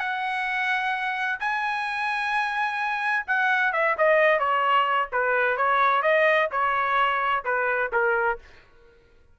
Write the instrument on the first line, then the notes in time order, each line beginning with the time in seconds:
trumpet
0.00 F#5
1.40 G#5
3.27 F#5
3.73 E5
3.98 D#5
4.39 C#5
5.12 B4
5.57 C#5
6.02 D#5
6.51 C#5
7.45 B4
7.92 A#4